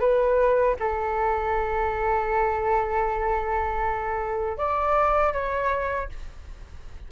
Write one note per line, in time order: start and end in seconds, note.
0.00 0.76 B4
0.79 4.57 A4
4.57 5.33 D5
5.33 6.09 C#5